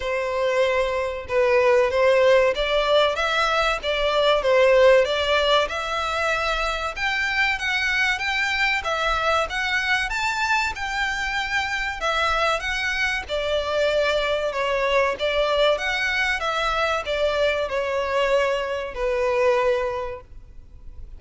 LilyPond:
\new Staff \with { instrumentName = "violin" } { \time 4/4 \tempo 4 = 95 c''2 b'4 c''4 | d''4 e''4 d''4 c''4 | d''4 e''2 g''4 | fis''4 g''4 e''4 fis''4 |
a''4 g''2 e''4 | fis''4 d''2 cis''4 | d''4 fis''4 e''4 d''4 | cis''2 b'2 | }